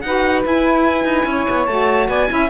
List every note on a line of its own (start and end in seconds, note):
0.00 0.44 D#4
0.00 0.44 F#4
0.00 1.28 B4
0.00 0.41 F#5
0.44 1.67 E4
0.44 1.04 E4
0.44 1.66 G#5
1.04 1.24 D#4
1.26 1.46 C#4
1.26 2.09 C#5
1.49 1.67 B3
1.66 2.08 A3
1.66 2.28 F#4
1.66 2.07 A5
2.08 2.29 B3
2.08 2.29 D5
2.08 2.49 G#5
2.28 2.50 C#4
2.28 2.49 E4
2.28 2.50 E5